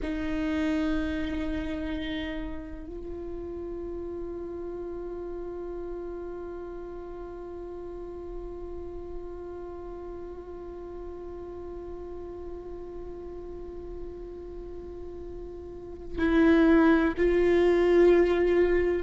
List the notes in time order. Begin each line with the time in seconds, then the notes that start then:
0.02 D#4
2.86 F4
16.18 E4
17.17 F4